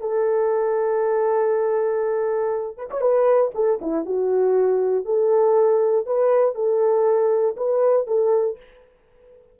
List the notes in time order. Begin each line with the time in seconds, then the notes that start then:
0.00 A4
2.77 B4
2.90 C#5
3.01 B4
3.55 A4
3.81 E4
4.05 F#4
5.05 A4
6.06 B4
6.55 A4
7.57 B4
8.07 A4